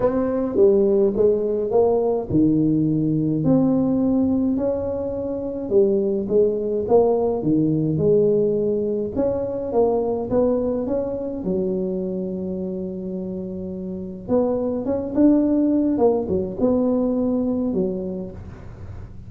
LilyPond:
\new Staff \with { instrumentName = "tuba" } { \time 4/4 \tempo 4 = 105 c'4 g4 gis4 ais4 | dis2 c'2 | cis'2 g4 gis4 | ais4 dis4 gis2 |
cis'4 ais4 b4 cis'4 | fis1~ | fis4 b4 cis'8 d'4. | ais8 fis8 b2 fis4 | }